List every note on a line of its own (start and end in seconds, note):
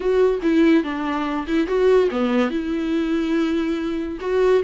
0.00 0.40 F#4
0.42 0.83 E4
0.83 1.46 D4
1.47 1.67 E4
1.67 2.09 F#4
2.11 2.50 B3
2.50 4.18 E4
4.20 4.62 F#4